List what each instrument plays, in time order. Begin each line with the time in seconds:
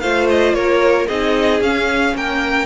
0.00 cello A3, viola F4, violin C5 F5
0.30 violin D#5
0.53 cello A#3, violin A#4 C#5
1.08 cello C4, viola D#4, violin G#4 D#5
1.60 cello C#4, viola C#4, violin F5
2.15 cello A#3, violin A#4 G5